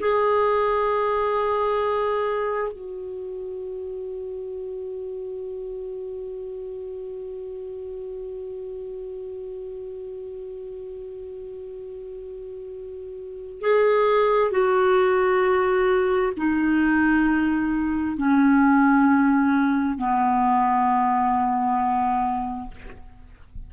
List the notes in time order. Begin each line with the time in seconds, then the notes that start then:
0.00 G#4
2.72 F#4
13.61 G#4
14.51 F#4
16.37 D#4
18.17 C#4
19.98 B3